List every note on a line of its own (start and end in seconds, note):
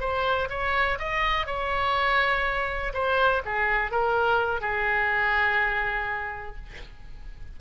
0.00 0.49 C5
0.50 0.99 C#5
0.99 1.47 D#5
1.47 2.93 C#5
2.94 3.43 C5
3.46 3.92 G#4
3.92 4.61 A#4
4.61 6.56 G#4